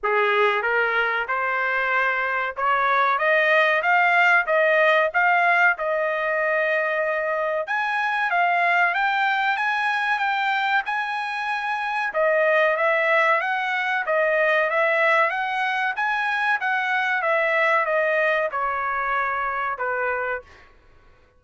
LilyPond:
\new Staff \with { instrumentName = "trumpet" } { \time 4/4 \tempo 4 = 94 gis'4 ais'4 c''2 | cis''4 dis''4 f''4 dis''4 | f''4 dis''2. | gis''4 f''4 g''4 gis''4 |
g''4 gis''2 dis''4 | e''4 fis''4 dis''4 e''4 | fis''4 gis''4 fis''4 e''4 | dis''4 cis''2 b'4 | }